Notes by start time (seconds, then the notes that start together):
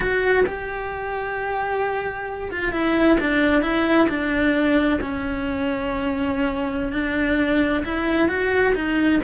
0.00 F#4
0.46 G4
2.51 F4
2.72 E4
3.20 D4
3.62 E4
4.08 D4
5.01 C#4
6.92 D4
7.85 E4
8.28 F#4
8.75 D#4